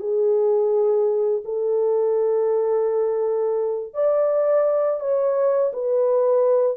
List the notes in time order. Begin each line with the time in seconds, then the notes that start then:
0.00 G#4
1.45 A4
3.94 D5
5.01 C#5
5.73 B4